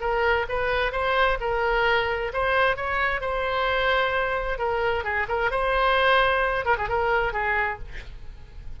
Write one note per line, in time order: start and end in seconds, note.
0.00 0.46 A#4
0.48 0.92 B4
0.92 1.38 C5
1.40 2.32 A#4
2.33 2.76 C5
2.76 3.21 C#5
3.21 4.58 C5
4.58 5.04 A#4
5.04 5.27 G#4
5.28 5.51 A#4
5.51 6.65 C5
6.65 6.76 A#4
6.77 6.88 G#4
6.88 7.32 A#4
7.32 7.78 G#4